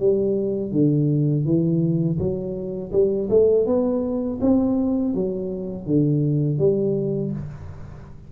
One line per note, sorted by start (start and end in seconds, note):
0.00 0.73 G3
0.73 1.46 D3
1.46 2.19 E3
2.19 2.92 F#3
2.93 3.29 G3
3.30 3.67 A3
3.67 4.40 B3
4.41 5.15 C4
5.15 5.87 F#3
5.87 6.59 D3
6.59 7.32 G3